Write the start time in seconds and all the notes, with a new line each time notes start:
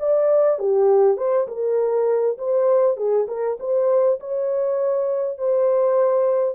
0.00 D5
0.59 G4
1.18 C5
1.48 A#4
2.38 C5
2.97 G#4
3.28 A#4
3.60 C5
4.20 C#5
5.38 C5